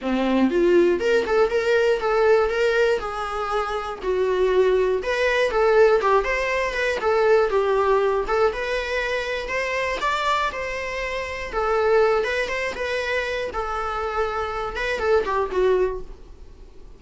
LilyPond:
\new Staff \with { instrumentName = "viola" } { \time 4/4 \tempo 4 = 120 c'4 f'4 ais'8 a'8 ais'4 | a'4 ais'4 gis'2 | fis'2 b'4 a'4 | g'8 c''4 b'8 a'4 g'4~ |
g'8 a'8 b'2 c''4 | d''4 c''2 a'4~ | a'8 b'8 c''8 b'4. a'4~ | a'4. b'8 a'8 g'8 fis'4 | }